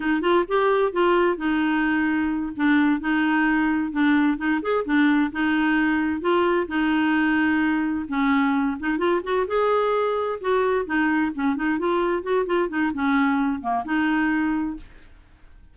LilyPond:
\new Staff \with { instrumentName = "clarinet" } { \time 4/4 \tempo 4 = 130 dis'8 f'8 g'4 f'4 dis'4~ | dis'4. d'4 dis'4.~ | dis'8 d'4 dis'8 gis'8 d'4 dis'8~ | dis'4. f'4 dis'4.~ |
dis'4. cis'4. dis'8 f'8 | fis'8 gis'2 fis'4 dis'8~ | dis'8 cis'8 dis'8 f'4 fis'8 f'8 dis'8 | cis'4. ais8 dis'2 | }